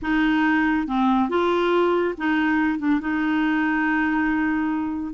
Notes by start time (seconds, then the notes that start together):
0.01 D#4
0.87 C4
1.29 F4
2.17 D#4
2.79 D4
3.00 D#4